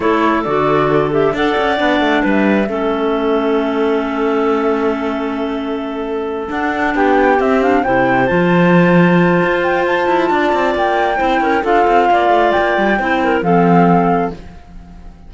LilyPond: <<
  \new Staff \with { instrumentName = "flute" } { \time 4/4 \tempo 4 = 134 cis''4 d''4. e''8 fis''4~ | fis''4 e''2.~ | e''1~ | e''2~ e''8 fis''4 g''8~ |
g''8 e''8 f''8 g''4 a''4.~ | a''4. g''8 a''2 | g''2 f''2 | g''2 f''2 | }
  \new Staff \with { instrumentName = "clarinet" } { \time 4/4 a'2. d''4~ | d''4 b'4 a'2~ | a'1~ | a'2.~ a'8 g'8~ |
g'4. c''2~ c''8~ | c''2. d''4~ | d''4 c''8 ais'8 a'4 d''4~ | d''4 c''8 ais'8 a'2 | }
  \new Staff \with { instrumentName = "clarinet" } { \time 4/4 e'4 fis'4. g'8 a'4 | d'2 cis'2~ | cis'1~ | cis'2~ cis'8 d'4.~ |
d'8 c'8 d'8 e'4 f'4.~ | f'1~ | f'4 e'4 f'2~ | f'4 e'4 c'2 | }
  \new Staff \with { instrumentName = "cello" } { \time 4/4 a4 d2 d'8 cis'8 | b8 a8 g4 a2~ | a1~ | a2~ a8 d'4 b8~ |
b8 c'4 c4 f4.~ | f4 f'4. e'8 d'8 c'8 | ais4 c'8 cis'8 d'8 c'8 ais8 a8 | ais8 g8 c'4 f2 | }
>>